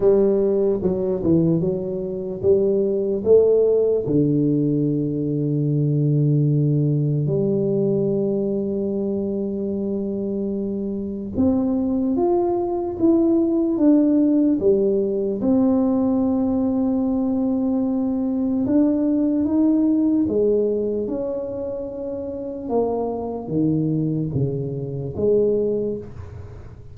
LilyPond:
\new Staff \with { instrumentName = "tuba" } { \time 4/4 \tempo 4 = 74 g4 fis8 e8 fis4 g4 | a4 d2.~ | d4 g2.~ | g2 c'4 f'4 |
e'4 d'4 g4 c'4~ | c'2. d'4 | dis'4 gis4 cis'2 | ais4 dis4 cis4 gis4 | }